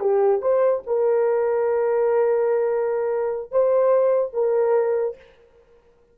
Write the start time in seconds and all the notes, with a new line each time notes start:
0.00 G4
0.41 C5
0.86 A#4
3.51 C5
4.33 A#4